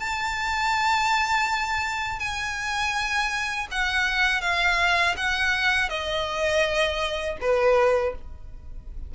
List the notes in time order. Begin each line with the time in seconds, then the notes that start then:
0.00 A5
2.20 G#5
3.71 F#5
4.42 F5
5.17 F#5
5.89 D#5
7.41 B4